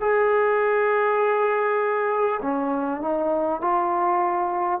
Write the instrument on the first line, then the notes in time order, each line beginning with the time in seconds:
trombone
0.00 G#4
2.42 C#4
3.01 D#4
3.61 F4